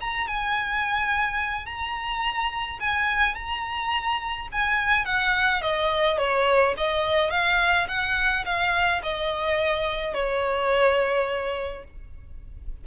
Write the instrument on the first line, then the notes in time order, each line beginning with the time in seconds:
violin
0.00 A#5
0.27 G#5
1.65 A#5
2.79 G#5
3.34 A#5
4.52 G#5
5.05 F#5
5.61 D#5
6.18 C#5
6.77 D#5
7.30 F5
7.88 F#5
8.45 F5
9.03 D#5
10.14 C#5